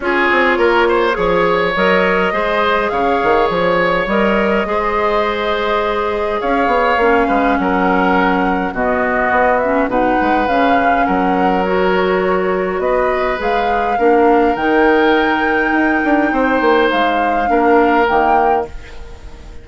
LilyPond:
<<
  \new Staff \with { instrumentName = "flute" } { \time 4/4 \tempo 4 = 103 cis''2. dis''4~ | dis''4 f''4 cis''4 dis''4~ | dis''2. f''4~ | f''4 fis''2 dis''4~ |
dis''8 e''8 fis''4 f''4 fis''4 | cis''2 dis''4 f''4~ | f''4 g''2.~ | g''4 f''2 g''4 | }
  \new Staff \with { instrumentName = "oboe" } { \time 4/4 gis'4 ais'8 c''8 cis''2 | c''4 cis''2. | c''2. cis''4~ | cis''8 b'8 ais'2 fis'4~ |
fis'4 b'2 ais'4~ | ais'2 b'2 | ais'1 | c''2 ais'2 | }
  \new Staff \with { instrumentName = "clarinet" } { \time 4/4 f'2 gis'4 ais'4 | gis'2. ais'4 | gis'1 | cis'2. b4~ |
b8 cis'8 dis'4 cis'2 | fis'2. gis'4 | d'4 dis'2.~ | dis'2 d'4 ais4 | }
  \new Staff \with { instrumentName = "bassoon" } { \time 4/4 cis'8 c'8 ais4 f4 fis4 | gis4 cis8 dis8 f4 g4 | gis2. cis'8 b8 | ais8 gis8 fis2 b,4 |
b4 b,8 gis8 cis4 fis4~ | fis2 b4 gis4 | ais4 dis2 dis'8 d'8 | c'8 ais8 gis4 ais4 dis4 | }
>>